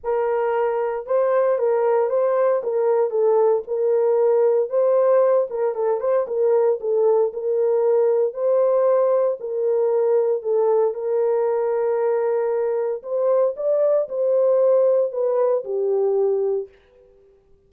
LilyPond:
\new Staff \with { instrumentName = "horn" } { \time 4/4 \tempo 4 = 115 ais'2 c''4 ais'4 | c''4 ais'4 a'4 ais'4~ | ais'4 c''4. ais'8 a'8 c''8 | ais'4 a'4 ais'2 |
c''2 ais'2 | a'4 ais'2.~ | ais'4 c''4 d''4 c''4~ | c''4 b'4 g'2 | }